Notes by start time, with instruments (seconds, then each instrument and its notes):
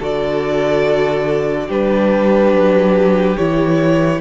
0.00 cello D3, viola F#4, violin A4 D5
1.68 cello G3, viola D4, violin G4 B4
2.52 cello F#3
3.37 cello E3, viola E4, violin C#5